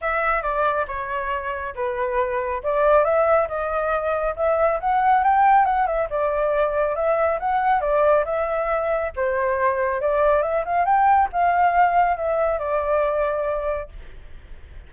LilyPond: \new Staff \with { instrumentName = "flute" } { \time 4/4 \tempo 4 = 138 e''4 d''4 cis''2 | b'2 d''4 e''4 | dis''2 e''4 fis''4 | g''4 fis''8 e''8 d''2 |
e''4 fis''4 d''4 e''4~ | e''4 c''2 d''4 | e''8 f''8 g''4 f''2 | e''4 d''2. | }